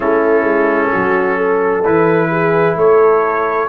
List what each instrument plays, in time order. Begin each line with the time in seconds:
0.00 tuba A3, trombone C#4, horn E4, trumpet A4
0.43 tuba G#3
0.92 tuba F#3, horn F#4
1.37 horn A4
1.85 tuba E3, trombone E4, trumpet B4
2.30 horn G#4
2.76 tuba A3, horn A4, trumpet C#5